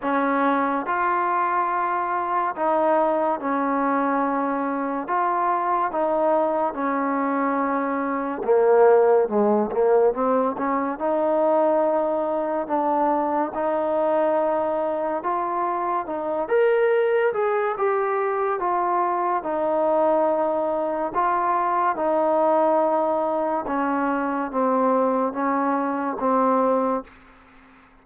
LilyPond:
\new Staff \with { instrumentName = "trombone" } { \time 4/4 \tempo 4 = 71 cis'4 f'2 dis'4 | cis'2 f'4 dis'4 | cis'2 ais4 gis8 ais8 | c'8 cis'8 dis'2 d'4 |
dis'2 f'4 dis'8 ais'8~ | ais'8 gis'8 g'4 f'4 dis'4~ | dis'4 f'4 dis'2 | cis'4 c'4 cis'4 c'4 | }